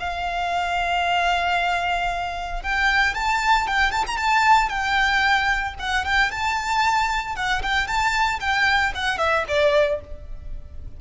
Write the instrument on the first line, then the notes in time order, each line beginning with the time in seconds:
violin
0.00 F5
2.63 G5
3.15 A5
3.68 G5
3.92 A5
4.07 A#5
4.18 A5
4.70 G5
5.80 F#5
6.05 G5
6.32 A5
7.36 F#5
7.63 G5
7.88 A5
8.40 G5
8.95 F#5
9.18 E5
9.49 D5